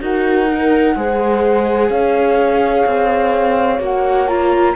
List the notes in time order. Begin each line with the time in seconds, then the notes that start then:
0.00 D#4 F#4 A#4 F#5
0.48 A#4
0.95 G#3 G#4 C5
1.89 C#4 C#5 F5
2.86 C4
3.79 A#3 F#4 F#5
4.28 F4 A#5